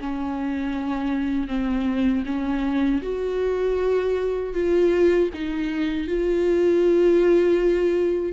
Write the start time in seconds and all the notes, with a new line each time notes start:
0.00 C#4
1.48 C4
2.26 C#4
3.02 F#4
4.54 F4
5.34 D#4
6.08 F4